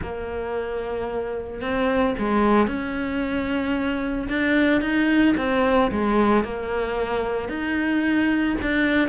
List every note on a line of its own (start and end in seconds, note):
0.02 1.61 A#3
1.61 2.14 C4
2.18 2.67 G#3
2.67 4.27 C#4
4.29 4.81 D4
4.81 5.34 D#4
5.37 5.91 C4
5.91 6.44 G#3
6.44 7.48 A#3
7.48 8.55 D#4
8.61 9.08 D4